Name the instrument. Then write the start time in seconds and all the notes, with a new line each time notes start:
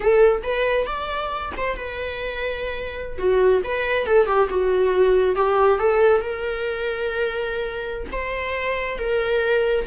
viola
0.00 A4
0.43 B4
0.86 D5
1.57 C5
1.76 B4
3.18 F#4
3.64 B4
4.06 A4
4.26 G4
4.49 F#4
5.35 G4
5.79 A4
6.21 A#4
8.12 C5
8.98 A#4